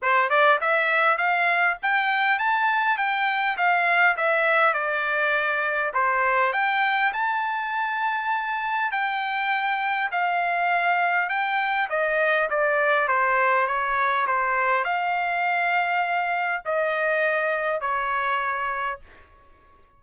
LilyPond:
\new Staff \with { instrumentName = "trumpet" } { \time 4/4 \tempo 4 = 101 c''8 d''8 e''4 f''4 g''4 | a''4 g''4 f''4 e''4 | d''2 c''4 g''4 | a''2. g''4~ |
g''4 f''2 g''4 | dis''4 d''4 c''4 cis''4 | c''4 f''2. | dis''2 cis''2 | }